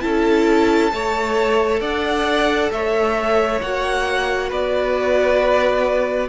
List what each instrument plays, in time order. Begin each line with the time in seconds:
0.00 cello C#4, viola E4, violin A4 A5
0.91 cello A3, viola A4, violin C#5
1.80 cello D4, violin D5 F#5
2.71 cello A3, violin C#5 E5
3.60 cello A#3, viola F#4, violin F#5
4.49 cello B3, violin B4 D5